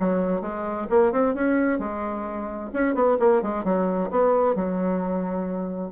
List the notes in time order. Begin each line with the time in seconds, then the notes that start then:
0.00 F#3
0.42 G#3
0.90 A#3
1.12 C4
1.35 C#4
1.79 G#3
2.74 C#4
2.95 B3
3.20 A#3
3.42 G#3
3.65 F#3
4.11 B3
4.56 F#3